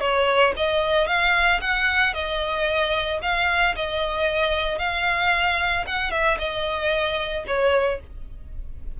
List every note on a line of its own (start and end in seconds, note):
0.00 0.53 C#5
0.56 1.07 D#5
1.07 1.60 F5
1.61 2.13 F#5
2.13 3.20 D#5
3.22 3.75 F5
3.76 4.78 D#5
4.78 5.85 F5
5.86 6.11 F#5
6.11 6.37 E5
6.38 7.44 D#5
7.47 8.00 C#5